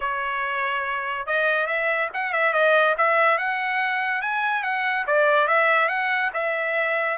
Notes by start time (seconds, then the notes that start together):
0.00 C#5
1.26 D#5
1.66 E5
2.13 F#5
2.32 E5
2.53 D#5
2.97 E5
3.37 F#5
4.21 G#5
4.63 F#5
5.06 D5
5.47 E5
5.88 F#5
6.33 E5